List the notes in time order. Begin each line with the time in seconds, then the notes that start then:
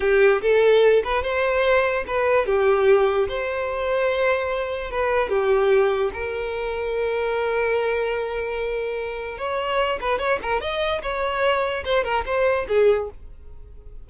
0.00 G4
0.41 A4
1.04 B4
1.22 C5
2.07 B4
2.46 G4
3.28 C5
4.91 B4
5.29 G4
6.13 A#4
9.37 C#5
10.00 B4
10.18 C#5
10.42 A#4
10.60 D#5
11.02 C#5
11.84 C5
12.03 A#4
12.25 C5
12.68 G#4